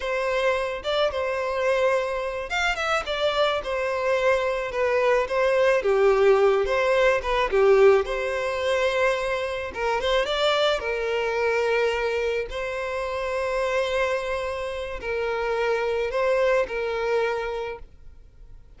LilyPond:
\new Staff \with { instrumentName = "violin" } { \time 4/4 \tempo 4 = 108 c''4. d''8 c''2~ | c''8 f''8 e''8 d''4 c''4.~ | c''8 b'4 c''4 g'4. | c''4 b'8 g'4 c''4.~ |
c''4. ais'8 c''8 d''4 ais'8~ | ais'2~ ais'8 c''4.~ | c''2. ais'4~ | ais'4 c''4 ais'2 | }